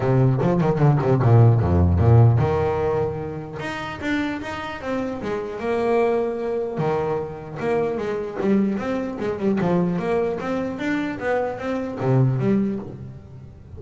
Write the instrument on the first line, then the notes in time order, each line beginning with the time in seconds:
double bass
0.00 C3
0.41 F3
0.60 D#3
0.78 D3
1.02 C3
1.22 A#2
1.60 F2
1.98 A#2
2.38 D#3
3.59 D#4
4.01 D4
4.41 D#4
4.81 C4
5.21 G#3
5.59 A#3
6.78 D#3
7.59 A#3
7.97 G#3
8.40 G3
8.77 C4
9.19 G#3
9.39 G3
9.60 F3
9.99 A#3
10.40 C4
10.78 D4
11.19 B3
11.58 C4
12.00 C3
12.39 G3